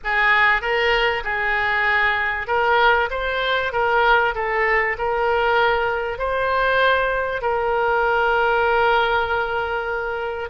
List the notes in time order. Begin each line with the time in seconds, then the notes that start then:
0.04 G#4
0.61 A#4
1.23 G#4
2.47 A#4
3.10 C5
3.72 A#4
4.35 A4
4.98 A#4
6.18 C5
7.41 A#4